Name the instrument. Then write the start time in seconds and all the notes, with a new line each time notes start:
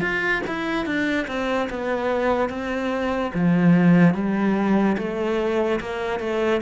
cello
0.00 F4
0.47 E4
0.85 D4
1.27 C4
1.70 B3
2.49 C4
3.34 F3
4.14 G3
4.97 A3
5.80 A#3
6.19 A3